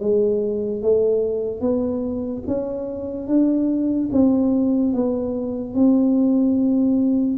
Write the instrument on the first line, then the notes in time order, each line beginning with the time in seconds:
tuba
0.00 G#3
0.82 A3
1.61 B3
2.47 C#4
3.27 D4
4.12 C4
4.94 B3
5.74 C4